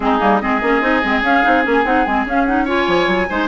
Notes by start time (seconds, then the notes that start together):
0.00 G#3 C4 D#4 G#4
0.19 G3 A#3
0.40 G#3 C4 G#4 D#5
0.62 A#3 C#4
0.81 C4 D#4
1.03 G#3 C4
1.22 C#4 F5
1.43 C4 D#4
1.63 A#3 C#4 G#5
1.85 C4 D#4 F#5
2.06 G#3 C4 G#5
2.25 C#4 F5
2.45 D#4 F#5
2.64 F4 C#5 G#5
2.87 F3
3.07 F#3
3.29 G#3 D#4 C5